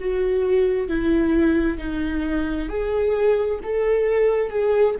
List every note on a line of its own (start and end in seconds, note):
0.00 0.88 F#4
0.88 1.78 E4
1.78 2.69 D#4
2.69 3.60 G#4
3.63 4.50 A4
4.50 4.95 G#4